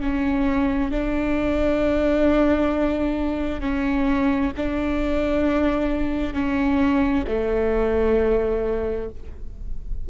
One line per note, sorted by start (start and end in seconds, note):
0.00 0.91 C#4
0.91 3.60 D4
3.60 4.51 C#4
4.56 6.33 D4
6.33 7.24 C#4
7.27 9.09 A3